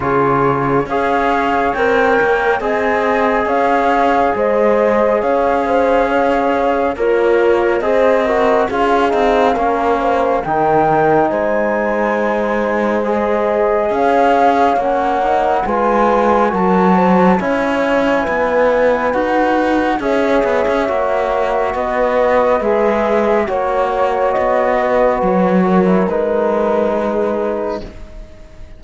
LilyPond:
<<
  \new Staff \with { instrumentName = "flute" } { \time 4/4 \tempo 4 = 69 cis''4 f''4 g''4 gis''4 | f''4 dis''4 f''2 | cis''4 dis''4 f''2 | g''4 gis''2 dis''4 |
f''4 fis''4 gis''4 a''4 | gis''2 fis''4 e''4~ | e''4 dis''4 e''4 cis''4 | dis''4 cis''4 b'2 | }
  \new Staff \with { instrumentName = "horn" } { \time 4/4 gis'4 cis''2 dis''4 | cis''4 c''4 cis''8 c''8 cis''4 | f'4 c''8 ais'8 gis'4 ais'8 c''8 | ais'4 c''2. |
cis''2 b'4 ais'8 c''8 | cis''4 b'2 cis''4~ | cis''4 b'2 cis''4~ | cis''8 b'4 ais'4. gis'4 | }
  \new Staff \with { instrumentName = "trombone" } { \time 4/4 f'4 gis'4 ais'4 gis'4~ | gis'1 | ais'4 gis'8 fis'8 f'8 dis'8 cis'4 | dis'2. gis'4~ |
gis'4 cis'8 dis'8 f'4 fis'4 | e'2 fis'4 gis'4 | fis'2 gis'4 fis'4~ | fis'4.~ fis'16 e'16 dis'2 | }
  \new Staff \with { instrumentName = "cello" } { \time 4/4 cis4 cis'4 c'8 ais8 c'4 | cis'4 gis4 cis'2 | ais4 c'4 cis'8 c'8 ais4 | dis4 gis2. |
cis'4 ais4 gis4 fis4 | cis'4 b4 dis'4 cis'8 b16 cis'16 | ais4 b4 gis4 ais4 | b4 fis4 gis2 | }
>>